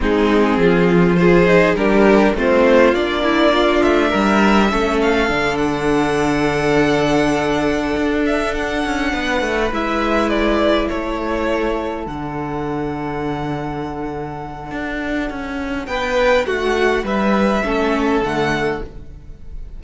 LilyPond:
<<
  \new Staff \with { instrumentName = "violin" } { \time 4/4 \tempo 4 = 102 gis'2 c''4 ais'4 | c''4 d''4. e''4.~ | e''8 f''4 fis''2~ fis''8~ | fis''2 e''8 fis''4.~ |
fis''8 e''4 d''4 cis''4.~ | cis''8 fis''2.~ fis''8~ | fis''2. g''4 | fis''4 e''2 fis''4 | }
  \new Staff \with { instrumentName = "violin" } { \time 4/4 dis'4 f'4 gis'4 g'4 | f'4. e'8 f'4 ais'4 | a'1~ | a'2.~ a'8 b'8~ |
b'2~ b'8 a'4.~ | a'1~ | a'2. b'4 | fis'4 b'4 a'2 | }
  \new Staff \with { instrumentName = "viola" } { \time 4/4 c'2 f'8 dis'8 d'4 | c'4 d'2. | cis'4 d'2.~ | d'1~ |
d'8 e'2.~ e'8~ | e'8 d'2.~ d'8~ | d'1~ | d'2 cis'4 a4 | }
  \new Staff \with { instrumentName = "cello" } { \time 4/4 gis4 f2 g4 | a4 ais4. a8 g4 | a4 d2.~ | d4. d'4. cis'8 b8 |
a8 gis2 a4.~ | a8 d2.~ d8~ | d4 d'4 cis'4 b4 | a4 g4 a4 d4 | }
>>